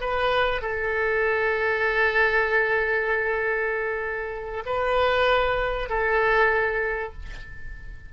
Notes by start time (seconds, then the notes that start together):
0.00 B4
0.61 A4
4.65 B4
5.89 A4